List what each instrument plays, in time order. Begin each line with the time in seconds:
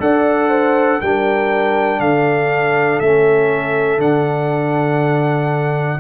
0.00 tuba D4, trombone A4, horn D5, trumpet F#5
0.49 horn C5
1.01 tuba G3, trombone D4, horn A#4, trumpet G5
2.00 tuba D3, horn A4, trumpet F5
3.00 tuba A3, trombone C#4, trumpet E5
3.98 tuba D3, trombone D4, trumpet F#5